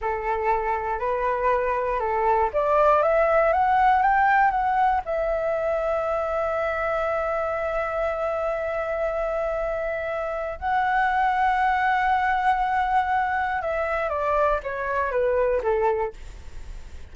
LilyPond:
\new Staff \with { instrumentName = "flute" } { \time 4/4 \tempo 4 = 119 a'2 b'2 | a'4 d''4 e''4 fis''4 | g''4 fis''4 e''2~ | e''1~ |
e''1~ | e''4 fis''2.~ | fis''2. e''4 | d''4 cis''4 b'4 a'4 | }